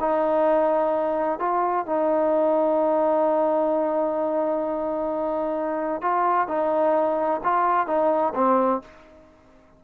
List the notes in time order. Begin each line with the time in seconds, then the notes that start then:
0.00 D#4
1.39 F4
1.86 D#4
6.01 F4
6.48 D#4
7.44 F4
7.86 D#4
8.35 C4